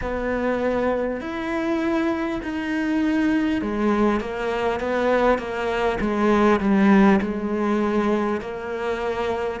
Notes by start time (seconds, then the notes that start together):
0.01 B3
1.21 E4
2.42 D#4
3.61 G#3
4.20 A#3
4.79 B3
5.38 A#3
6.00 G#3
6.59 G3
7.21 G#3
8.40 A#3